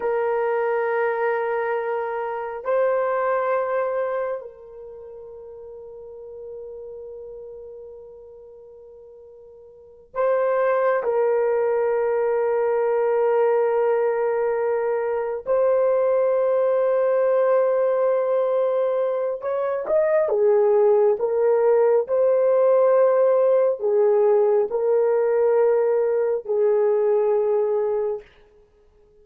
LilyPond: \new Staff \with { instrumentName = "horn" } { \time 4/4 \tempo 4 = 68 ais'2. c''4~ | c''4 ais'2.~ | ais'2.~ ais'8 c''8~ | c''8 ais'2.~ ais'8~ |
ais'4. c''2~ c''8~ | c''2 cis''8 dis''8 gis'4 | ais'4 c''2 gis'4 | ais'2 gis'2 | }